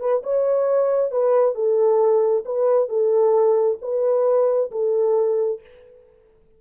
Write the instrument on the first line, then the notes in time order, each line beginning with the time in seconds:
horn
0.00 B4
0.24 C#5
1.12 B4
1.55 A4
2.45 B4
2.89 A4
3.82 B4
4.71 A4